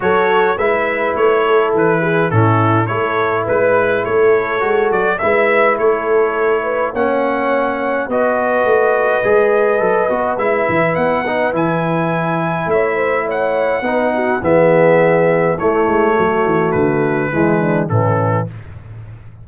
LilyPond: <<
  \new Staff \with { instrumentName = "trumpet" } { \time 4/4 \tempo 4 = 104 cis''4 e''4 cis''4 b'4 | a'4 cis''4 b'4 cis''4~ | cis''8 d''8 e''4 cis''2 | fis''2 dis''2~ |
dis''2 e''4 fis''4 | gis''2 e''4 fis''4~ | fis''4 e''2 cis''4~ | cis''4 b'2 a'4 | }
  \new Staff \with { instrumentName = "horn" } { \time 4/4 a'4 b'4. a'4 gis'8 | e'4 a'4 b'4 a'4~ | a'4 b'4 a'4. b'8 | cis''2 b'2~ |
b'1~ | b'2 cis''8 c''8 cis''4 | b'8 fis'8 gis'2 e'4 | fis'2 e'8 d'8 cis'4 | }
  \new Staff \with { instrumentName = "trombone" } { \time 4/4 fis'4 e'2. | cis'4 e'2. | fis'4 e'2. | cis'2 fis'2 |
gis'4 a'8 fis'8 e'4. dis'8 | e'1 | dis'4 b2 a4~ | a2 gis4 e4 | }
  \new Staff \with { instrumentName = "tuba" } { \time 4/4 fis4 gis4 a4 e4 | a,4 a4 gis4 a4 | gis8 fis8 gis4 a2 | ais2 b4 a4 |
gis4 fis8 b8 gis8 e8 b4 | e2 a2 | b4 e2 a8 gis8 | fis8 e8 d4 e4 a,4 | }
>>